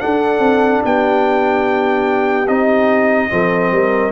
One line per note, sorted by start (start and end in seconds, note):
0.00 2.47 D4
0.00 0.39 D4
0.00 0.85 A4
0.00 0.82 F#5
0.39 0.80 C4
0.85 2.48 B3
0.85 3.32 G4
0.85 2.48 G5
2.48 3.30 C4
2.48 3.30 D#4
2.48 4.12 D#5
3.30 3.71 F3
3.30 4.12 C4
3.30 3.73 A4
3.71 4.12 G3
3.71 4.12 A#4